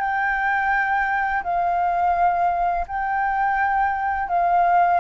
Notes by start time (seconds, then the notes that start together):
0.00 G5
1.44 F5
2.88 G5
4.29 F5